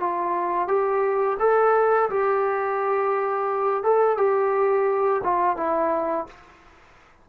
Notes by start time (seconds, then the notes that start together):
0.00 F4
0.68 G4
1.40 A4
2.10 G4
3.83 A4
4.17 G4
5.23 F4
5.57 E4